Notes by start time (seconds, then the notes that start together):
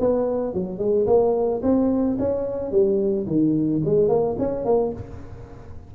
0.00 B3
0.54 F#3
0.79 G#3
1.07 A#3
1.63 C4
2.19 C#4
2.71 G3
3.27 D#3
3.85 G#3
4.09 A#3
4.39 C#4
4.65 A#3